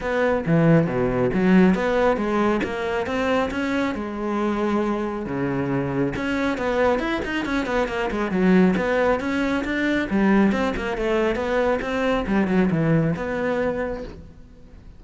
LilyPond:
\new Staff \with { instrumentName = "cello" } { \time 4/4 \tempo 4 = 137 b4 e4 b,4 fis4 | b4 gis4 ais4 c'4 | cis'4 gis2. | cis2 cis'4 b4 |
e'8 dis'8 cis'8 b8 ais8 gis8 fis4 | b4 cis'4 d'4 g4 | c'8 ais8 a4 b4 c'4 | g8 fis8 e4 b2 | }